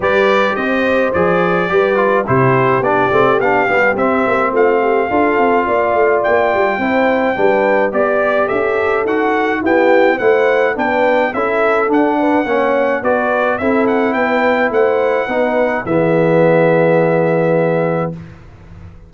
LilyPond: <<
  \new Staff \with { instrumentName = "trumpet" } { \time 4/4 \tempo 4 = 106 d''4 dis''4 d''2 | c''4 d''4 f''4 e''4 | f''2. g''4~ | g''2 d''4 e''4 |
fis''4 g''4 fis''4 g''4 | e''4 fis''2 d''4 | e''8 fis''8 g''4 fis''2 | e''1 | }
  \new Staff \with { instrumentName = "horn" } { \time 4/4 b'4 c''2 b'4 | g'1 | f'8 g'8 a'4 d''2 | c''4 b'4 d''4 a'4~ |
a'4 g'4 c''4 b'4 | a'4. b'8 cis''4 b'4 | a'4 b'4 c''4 b'4 | gis'1 | }
  \new Staff \with { instrumentName = "trombone" } { \time 4/4 g'2 gis'4 g'8 f'8 | e'4 d'8 c'8 d'8 b8 c'4~ | c'4 f'2. | e'4 d'4 g'2 |
fis'4 b4 e'4 d'4 | e'4 d'4 cis'4 fis'4 | e'2. dis'4 | b1 | }
  \new Staff \with { instrumentName = "tuba" } { \time 4/4 g4 c'4 f4 g4 | c4 b8 a8 b8 g8 c'8 ais8 | a4 d'8 c'8 ais8 a8 ais8 g8 | c'4 g4 b4 cis'4 |
dis'4 e'4 a4 b4 | cis'4 d'4 ais4 b4 | c'4 b4 a4 b4 | e1 | }
>>